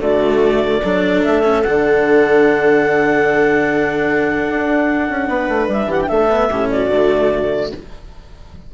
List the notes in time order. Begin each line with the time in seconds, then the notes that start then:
0.00 D3 A3 F#4 D5
0.83 F#3 D4 A4
1.24 A3 E5
1.44 C#4
1.63 D3 D4 F#5
4.49 D4
5.10 C#4
5.29 B3 B4
5.49 A3
5.68 G3 E5
5.87 E3 G4 F#5
6.02 G5
6.08 A3 A4 E5
6.30 B3
6.50 A2 C#4 G4
6.70 F#4 D5
6.88 D3 A3